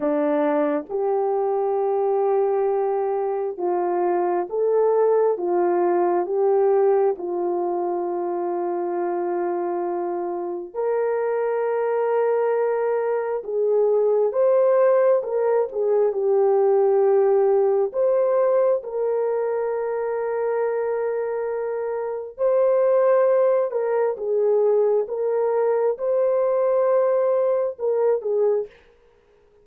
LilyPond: \new Staff \with { instrumentName = "horn" } { \time 4/4 \tempo 4 = 67 d'4 g'2. | f'4 a'4 f'4 g'4 | f'1 | ais'2. gis'4 |
c''4 ais'8 gis'8 g'2 | c''4 ais'2.~ | ais'4 c''4. ais'8 gis'4 | ais'4 c''2 ais'8 gis'8 | }